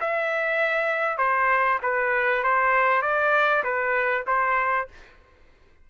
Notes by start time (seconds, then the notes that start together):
0.00 E5
1.17 C5
1.82 B4
2.44 C5
3.02 D5
3.63 B4
4.27 C5